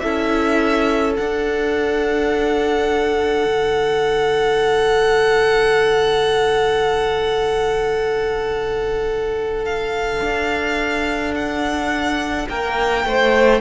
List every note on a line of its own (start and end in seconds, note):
0.00 1.17 C#4
0.00 1.16 E4
0.00 12.48 A4
0.00 1.13 E5
1.16 13.61 D4
1.16 3.46 D4
1.16 9.65 F#5
3.46 10.21 D3
9.65 11.35 F5
10.21 12.48 D4
11.35 12.48 F#5
12.49 13.05 A#3
12.49 13.06 A#4
12.49 13.61 G5
13.05 13.61 A3
13.05 13.61 C5